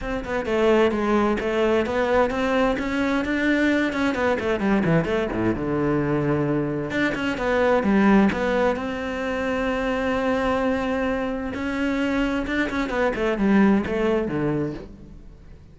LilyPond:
\new Staff \with { instrumentName = "cello" } { \time 4/4 \tempo 4 = 130 c'8 b8 a4 gis4 a4 | b4 c'4 cis'4 d'4~ | d'8 cis'8 b8 a8 g8 e8 a8 a,8 | d2. d'8 cis'8 |
b4 g4 b4 c'4~ | c'1~ | c'4 cis'2 d'8 cis'8 | b8 a8 g4 a4 d4 | }